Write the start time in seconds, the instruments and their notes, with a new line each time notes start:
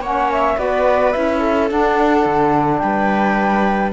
0.00 cello A#3, saxophone C#4, viola C#5, flute F#5
0.32 flute E5
0.57 cello B3, saxophone F#4, viola B4, flute D5
1.12 cello C#4, saxophone E4, flute E5
1.40 viola A4
1.69 saxophone D4, cello D4, flute F#5
2.26 cello D3
2.78 cello G3, viola B4, flute G5